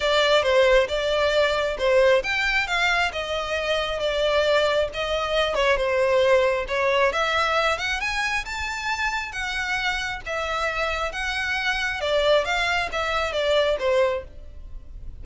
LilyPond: \new Staff \with { instrumentName = "violin" } { \time 4/4 \tempo 4 = 135 d''4 c''4 d''2 | c''4 g''4 f''4 dis''4~ | dis''4 d''2 dis''4~ | dis''8 cis''8 c''2 cis''4 |
e''4. fis''8 gis''4 a''4~ | a''4 fis''2 e''4~ | e''4 fis''2 d''4 | f''4 e''4 d''4 c''4 | }